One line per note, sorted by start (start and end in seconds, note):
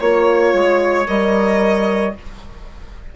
0.00 0.53 A#3
0.00 1.07 F4
0.00 1.07 C#5
0.00 2.16 C#5
0.53 1.07 G#3
1.07 2.15 G3
1.07 2.14 A#4
1.07 2.15 D#5